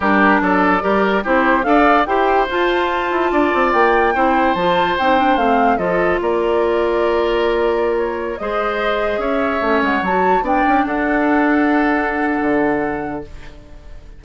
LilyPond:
<<
  \new Staff \with { instrumentName = "flute" } { \time 4/4 \tempo 4 = 145 ais'4 d''2 c''4 | f''4 g''4 a''2~ | a''4 g''2 a''4 | g''4 f''4 dis''4 d''4~ |
d''2.~ d''16 cis''8.~ | cis''16 dis''2 e''4. fis''16~ | fis''16 a''4 g''4 fis''4.~ fis''16~ | fis''1 | }
  \new Staff \with { instrumentName = "oboe" } { \time 4/4 g'4 a'4 ais'4 g'4 | d''4 c''2. | d''2 c''2~ | c''2 a'4 ais'4~ |
ais'1~ | ais'16 c''2 cis''4.~ cis''16~ | cis''4~ cis''16 d''4 a'4.~ a'16~ | a'1 | }
  \new Staff \with { instrumentName = "clarinet" } { \time 4/4 d'2 g'4 e'4 | a'4 g'4 f'2~ | f'2 e'4 f'4 | dis'8 d'8 c'4 f'2~ |
f'1~ | f'16 gis'2. cis'8.~ | cis'16 fis'4 d'2~ d'8.~ | d'1 | }
  \new Staff \with { instrumentName = "bassoon" } { \time 4/4 g4 fis4 g4 c'4 | d'4 e'4 f'4. e'8 | d'8 c'8 ais4 c'4 f4 | c'4 a4 f4 ais4~ |
ais1~ | ais16 gis2 cis'4 a8 gis16~ | gis16 fis4 b8 cis'8 d'4.~ d'16~ | d'2 d2 | }
>>